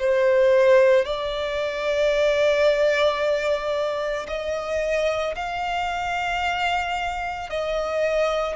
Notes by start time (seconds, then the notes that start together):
0.00 C5
1.06 D5
4.29 D#5
5.36 F5
7.50 D#5